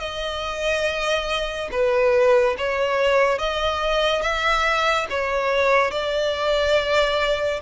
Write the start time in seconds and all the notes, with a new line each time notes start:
0.00 D#5
1.71 B4
2.58 C#5
3.39 D#5
4.22 E5
5.10 C#5
5.91 D5